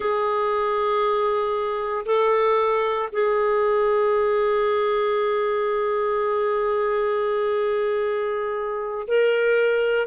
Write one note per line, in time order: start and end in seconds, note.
0.00 2.05 G#4
2.05 3.09 A4
3.12 9.07 G#4
9.07 10.06 A#4